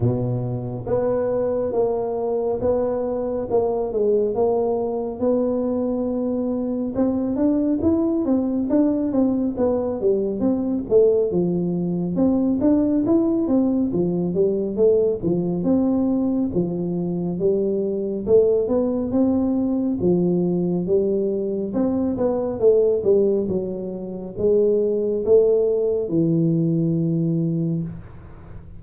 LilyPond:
\new Staff \with { instrumentName = "tuba" } { \time 4/4 \tempo 4 = 69 b,4 b4 ais4 b4 | ais8 gis8 ais4 b2 | c'8 d'8 e'8 c'8 d'8 c'8 b8 g8 | c'8 a8 f4 c'8 d'8 e'8 c'8 |
f8 g8 a8 f8 c'4 f4 | g4 a8 b8 c'4 f4 | g4 c'8 b8 a8 g8 fis4 | gis4 a4 e2 | }